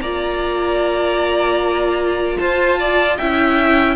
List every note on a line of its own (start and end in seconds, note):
0.00 2.37 A#3
0.00 3.20 F4
0.00 2.38 D5
0.00 2.37 A#5
2.37 3.19 F4
2.37 2.79 C5
2.37 3.16 A5
2.79 3.18 D5
3.17 3.96 C#4
3.17 3.96 E4
3.17 3.96 E5
3.17 3.96 G5